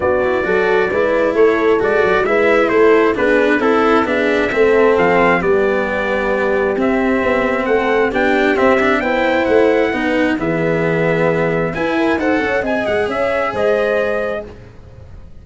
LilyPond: <<
  \new Staff \with { instrumentName = "trumpet" } { \time 4/4 \tempo 4 = 133 d''2. cis''4 | d''4 e''4 c''4 b'4 | a'4 e''2 f''4 | d''2. e''4~ |
e''4 fis''4 g''4 e''4 | g''4 fis''2 e''4~ | e''2 gis''4 fis''4 | gis''8 fis''8 e''4 dis''2 | }
  \new Staff \with { instrumentName = "horn" } { \time 4/4 fis'4 a'4 b'4 a'4~ | a'4 b'4 a'4 gis'4 | a'4 gis'4 a'2 | g'1~ |
g'4 a'4 g'2 | c''2 b'4 gis'4~ | gis'2 b'8 ais'8 c''8 cis''8 | dis''4 cis''4 c''2 | }
  \new Staff \with { instrumentName = "cello" } { \time 4/4 d'8 e'8 fis'4 e'2 | fis'4 e'2 d'4 | e'4 d'4 c'2 | b2. c'4~ |
c'2 d'4 c'8 d'8 | e'2 dis'4 b4~ | b2 e'4 a'4 | gis'1 | }
  \new Staff \with { instrumentName = "tuba" } { \time 4/4 b4 fis4 gis4 a4 | gis8 fis8 gis4 a4 b4 | c'4 b4 a4 f4 | g2. c'4 |
b4 a4 b4 c'4 | b4 a4 b4 e4~ | e2 e'4 dis'8 cis'8 | c'8 gis8 cis'4 gis2 | }
>>